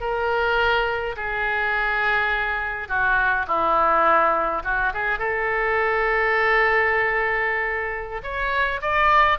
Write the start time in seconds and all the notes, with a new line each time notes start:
0.00 A#4
1.16 G#4
2.88 F#4
3.47 E4
4.64 F#4
4.93 G#4
5.19 A4
8.23 C#5
8.82 D5